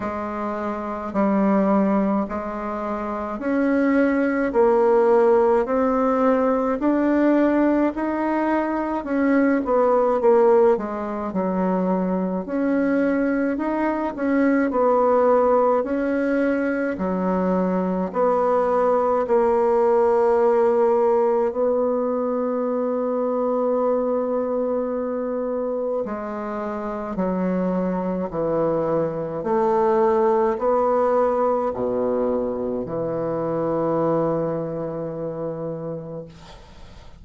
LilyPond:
\new Staff \with { instrumentName = "bassoon" } { \time 4/4 \tempo 4 = 53 gis4 g4 gis4 cis'4 | ais4 c'4 d'4 dis'4 | cis'8 b8 ais8 gis8 fis4 cis'4 | dis'8 cis'8 b4 cis'4 fis4 |
b4 ais2 b4~ | b2. gis4 | fis4 e4 a4 b4 | b,4 e2. | }